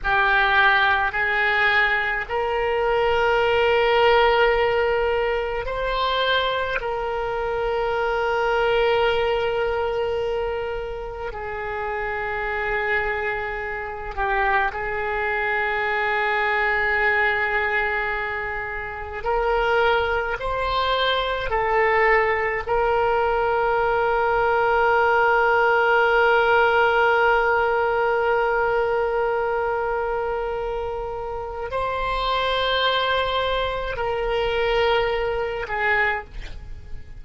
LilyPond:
\new Staff \with { instrumentName = "oboe" } { \time 4/4 \tempo 4 = 53 g'4 gis'4 ais'2~ | ais'4 c''4 ais'2~ | ais'2 gis'2~ | gis'8 g'8 gis'2.~ |
gis'4 ais'4 c''4 a'4 | ais'1~ | ais'1 | c''2 ais'4. gis'8 | }